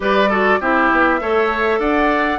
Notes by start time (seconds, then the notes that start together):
0.00 G3 G4 B4 D5
0.29 F#4 A4
0.60 C4 E4 G4 E5
0.91 B3
1.20 A3 A4 C#5
1.79 D4 D5 F#5